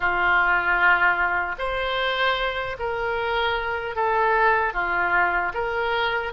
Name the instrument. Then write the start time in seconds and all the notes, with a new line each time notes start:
oboe
0.00 F4
1.58 C5
2.79 A#4
3.95 A4
4.73 F4
5.54 A#4